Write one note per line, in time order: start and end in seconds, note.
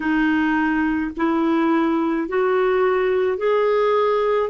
0.00 1.11 D#4
1.16 2.28 E4
2.28 3.37 F#4
3.37 4.50 G#4